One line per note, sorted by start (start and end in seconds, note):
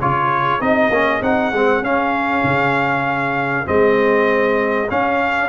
0.00 0.61 C#3
0.00 0.61 F4
0.00 5.49 G#4
0.00 0.62 C#5
0.61 0.91 C4
0.61 0.92 D#4
0.61 1.23 D#5
0.91 1.21 A#3
0.91 1.22 C#4
1.22 1.52 C4
1.22 1.53 D#4
1.22 1.84 F#5
1.53 1.82 G#3
1.53 1.84 C4
1.82 2.43 C#4
1.82 3.66 C#4
1.82 3.68 F5
2.44 3.67 C#3
3.66 4.91 G#3
3.66 4.88 C4
3.66 4.90 D#5
4.89 5.49 C#4
4.89 5.49 F5